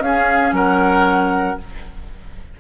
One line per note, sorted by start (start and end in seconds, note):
0.00 0.52 C#4
0.00 1.57 C#4
0.00 0.55 G#4
0.00 0.54 F5
0.52 1.57 F#3
0.52 1.60 A#4
0.52 1.60 F#5